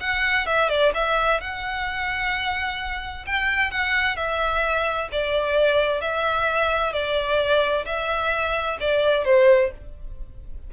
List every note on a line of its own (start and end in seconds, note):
0.00 0.46 F#5
0.46 0.69 E5
0.69 0.92 D5
0.94 1.40 E5
1.40 3.25 F#5
3.26 3.71 G5
3.71 4.16 F#5
4.16 5.08 E5
5.11 6.01 D5
6.01 6.92 E5
6.92 7.85 D5
7.85 8.77 E5
8.80 9.25 D5
9.25 9.71 C5